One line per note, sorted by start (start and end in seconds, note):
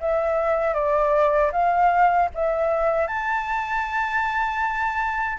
0.00 0.74 E5
0.74 1.51 D5
1.52 2.29 F5
2.34 3.07 E5
3.07 5.38 A5